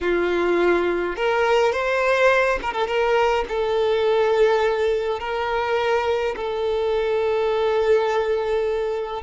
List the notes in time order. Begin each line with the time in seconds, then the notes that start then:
0.01 F4
1.15 A#4
1.72 C5
2.62 A#4
2.73 A4
2.87 A#4
3.48 A4
5.19 A#4
6.36 A4